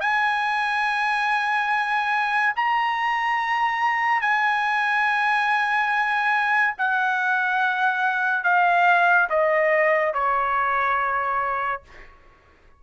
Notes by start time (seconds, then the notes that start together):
0.00 G#5
2.56 A#5
4.21 G#5
6.78 F#5
8.44 F5
9.29 D#5
10.13 C#5